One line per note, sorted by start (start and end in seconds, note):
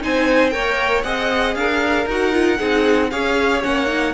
0.00 0.55 C4
0.00 0.51 D#4
0.00 0.53 C5
0.00 0.50 G#5
0.50 1.04 A#3
0.50 1.03 A#4
0.50 1.05 C#5
0.50 1.02 G5
1.03 1.55 C4
1.03 2.07 G#4
1.03 1.57 D#5
1.03 1.55 F#5
1.55 2.05 D4
1.55 2.58 A#4
1.55 2.07 F5
2.05 2.57 D#4
2.05 2.33 F#4
2.05 3.11 F#5
2.33 2.57 F4
2.57 3.12 C4
2.57 3.09 D#4
2.57 3.10 G#4
3.11 3.64 C#4
3.11 3.62 G#4
3.11 4.14 C#5
3.11 3.62 F5
3.62 4.14 A#3
3.62 3.86 C#4
3.62 4.14 F#5
3.86 4.12 D#4